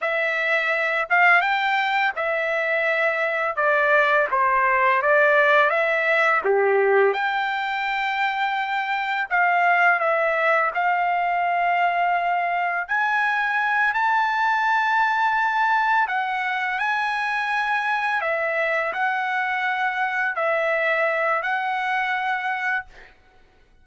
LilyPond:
\new Staff \with { instrumentName = "trumpet" } { \time 4/4 \tempo 4 = 84 e''4. f''8 g''4 e''4~ | e''4 d''4 c''4 d''4 | e''4 g'4 g''2~ | g''4 f''4 e''4 f''4~ |
f''2 gis''4. a''8~ | a''2~ a''8 fis''4 gis''8~ | gis''4. e''4 fis''4.~ | fis''8 e''4. fis''2 | }